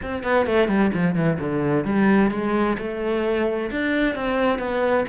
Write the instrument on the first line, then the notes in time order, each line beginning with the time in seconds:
cello
0.02 C4
0.23 B3
0.46 A3
0.67 G3
0.93 F3
1.15 E3
1.39 D3
1.84 G3
2.31 G#3
2.78 A3
3.71 D4
4.15 C4
4.58 B3